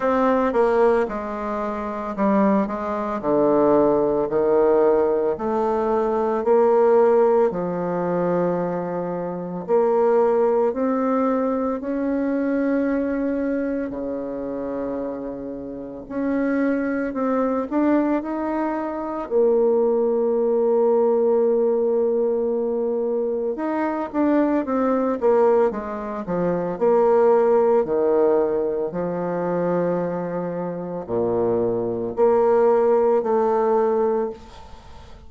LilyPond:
\new Staff \with { instrumentName = "bassoon" } { \time 4/4 \tempo 4 = 56 c'8 ais8 gis4 g8 gis8 d4 | dis4 a4 ais4 f4~ | f4 ais4 c'4 cis'4~ | cis'4 cis2 cis'4 |
c'8 d'8 dis'4 ais2~ | ais2 dis'8 d'8 c'8 ais8 | gis8 f8 ais4 dis4 f4~ | f4 ais,4 ais4 a4 | }